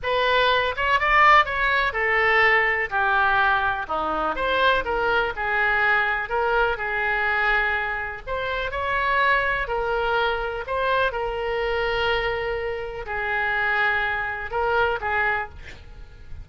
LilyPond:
\new Staff \with { instrumentName = "oboe" } { \time 4/4 \tempo 4 = 124 b'4. cis''8 d''4 cis''4 | a'2 g'2 | dis'4 c''4 ais'4 gis'4~ | gis'4 ais'4 gis'2~ |
gis'4 c''4 cis''2 | ais'2 c''4 ais'4~ | ais'2. gis'4~ | gis'2 ais'4 gis'4 | }